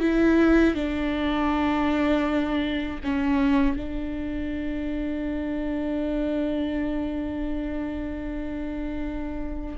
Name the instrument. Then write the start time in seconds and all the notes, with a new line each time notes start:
viola
0.00 E4
0.75 D4
3.03 C#4
3.76 D4